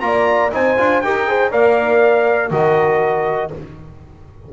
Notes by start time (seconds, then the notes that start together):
0.00 A#3 F4 D5 A#5
0.51 C4 D#4 C5 G#5
0.77 D4 F4
1.01 D#4 G4 A#4 G5
1.27 G#4 C5
1.50 A#3 A#4 D5 F5
2.50 D#3 F#4 A#4 D#5